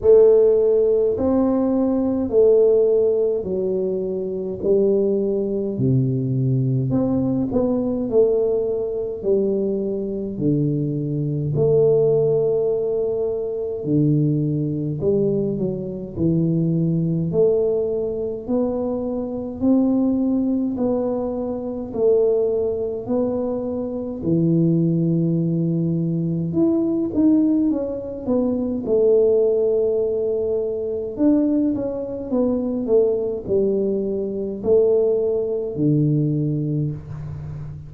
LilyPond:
\new Staff \with { instrumentName = "tuba" } { \time 4/4 \tempo 4 = 52 a4 c'4 a4 fis4 | g4 c4 c'8 b8 a4 | g4 d4 a2 | d4 g8 fis8 e4 a4 |
b4 c'4 b4 a4 | b4 e2 e'8 dis'8 | cis'8 b8 a2 d'8 cis'8 | b8 a8 g4 a4 d4 | }